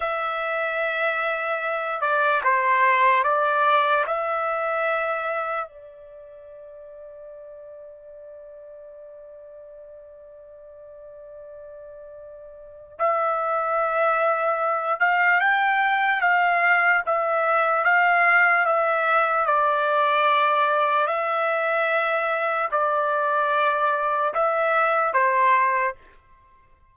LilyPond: \new Staff \with { instrumentName = "trumpet" } { \time 4/4 \tempo 4 = 74 e''2~ e''8 d''8 c''4 | d''4 e''2 d''4~ | d''1~ | d''1 |
e''2~ e''8 f''8 g''4 | f''4 e''4 f''4 e''4 | d''2 e''2 | d''2 e''4 c''4 | }